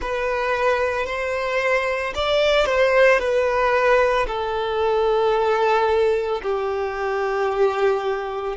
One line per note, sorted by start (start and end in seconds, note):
0.00 1.06 B4
1.06 2.13 C5
2.14 2.65 D5
2.65 3.19 C5
3.19 4.26 B4
4.27 6.41 A4
6.42 8.56 G4